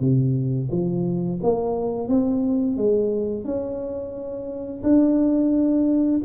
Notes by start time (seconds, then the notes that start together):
0.00 C3
0.71 F3
1.42 A#3
2.08 C4
2.77 G#3
3.44 C#4
4.83 D4